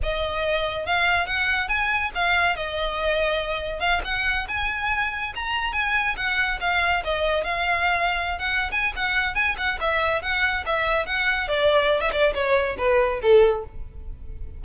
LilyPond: \new Staff \with { instrumentName = "violin" } { \time 4/4 \tempo 4 = 141 dis''2 f''4 fis''4 | gis''4 f''4 dis''2~ | dis''4 f''8 fis''4 gis''4.~ | gis''8 ais''4 gis''4 fis''4 f''8~ |
f''8 dis''4 f''2~ f''16 fis''16~ | fis''8 gis''8 fis''4 gis''8 fis''8 e''4 | fis''4 e''4 fis''4 d''4~ | d''16 e''16 d''8 cis''4 b'4 a'4 | }